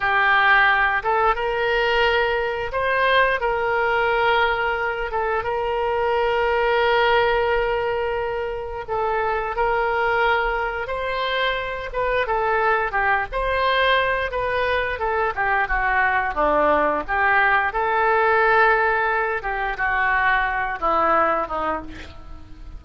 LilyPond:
\new Staff \with { instrumentName = "oboe" } { \time 4/4 \tempo 4 = 88 g'4. a'8 ais'2 | c''4 ais'2~ ais'8 a'8 | ais'1~ | ais'4 a'4 ais'2 |
c''4. b'8 a'4 g'8 c''8~ | c''4 b'4 a'8 g'8 fis'4 | d'4 g'4 a'2~ | a'8 g'8 fis'4. e'4 dis'8 | }